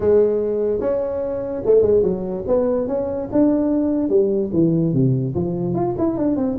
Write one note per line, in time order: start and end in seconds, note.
0.00 0.80 G#3
0.80 1.62 C#4
1.65 1.81 A3
1.81 2.02 G#3
2.02 2.44 F#3
2.47 2.87 B3
2.87 3.28 C#4
3.32 4.09 D4
4.09 4.50 G3
4.52 4.93 E3
4.93 5.34 C3
5.35 5.74 F3
5.74 5.95 F4
5.98 6.17 E4
6.17 6.36 D4
6.36 6.57 C4